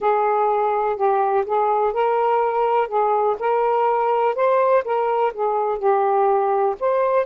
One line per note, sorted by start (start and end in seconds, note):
0.00 0.96 G#4
0.96 1.45 G4
1.46 1.93 G#4
1.93 2.88 A#4
2.88 3.36 G#4
3.39 4.35 A#4
4.35 4.83 C5
4.84 5.32 A#4
5.33 5.78 G#4
5.78 6.75 G4
6.80 7.26 C5